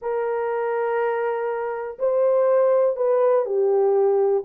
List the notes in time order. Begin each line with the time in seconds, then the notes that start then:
0.01 A#4
1.98 C5
2.96 B4
3.45 G4